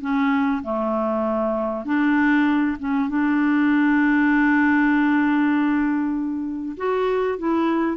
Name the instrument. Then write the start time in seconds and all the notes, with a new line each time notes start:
clarinet
0.00 C#4
0.63 A3
1.85 D4
2.79 C#4
3.09 D4
6.77 F#4
7.38 E4